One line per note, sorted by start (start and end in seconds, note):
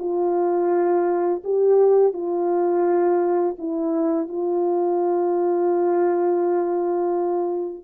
0.00 1.43 F4
1.45 2.14 G4
2.14 3.56 F4
3.59 4.29 E4
4.29 7.84 F4